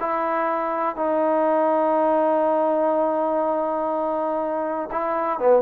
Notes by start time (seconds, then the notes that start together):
0.00 E4
0.96 D#4
4.91 E4
5.39 B3